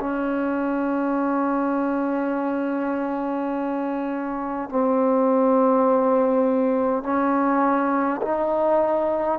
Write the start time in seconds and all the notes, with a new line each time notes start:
0.00 C#4
4.70 C4
7.04 C#4
8.22 D#4